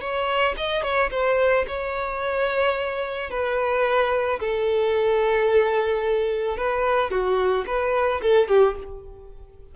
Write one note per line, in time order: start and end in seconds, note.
0.00 0.55 C#5
0.57 0.82 D#5
0.82 1.09 C#5
1.11 1.65 C5
1.67 3.30 C#5
3.30 4.39 B4
4.39 6.57 A4
6.57 7.10 B4
7.10 7.65 F#4
7.66 8.21 B4
8.21 8.48 A4
8.48 8.75 G4